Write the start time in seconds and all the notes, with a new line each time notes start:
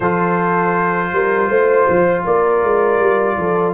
0.00 F3 F4 A4 C5
1.12 G3 A#4
1.48 A3 C5
1.88 F3
2.24 A#3 A#4 D5
2.62 G#3
2.99 G3
3.37 F3 A4